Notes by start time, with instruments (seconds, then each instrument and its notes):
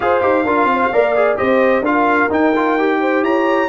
0.00 tuba F4, trombone G#4, horn C5, trumpet F5
0.21 tuba D#4, trombone G4
0.44 tuba D4, trombone F4, horn A#4
0.64 tuba C4
0.72 horn C5
0.92 tuba A#3, trombone A#4, horn D5
1.15 trombone G#4
1.36 tuba C4, trombone G4, horn C5, trumpet D#5
1.80 tuba D4, trombone F4, horn A#4, trumpet F5
2.29 trombone D#4, tuba D#4, trumpet G5
2.55 trombone F4
2.79 trombone G4
3.00 horn C5
3.22 tuba E4, horn C#5, trumpet A#5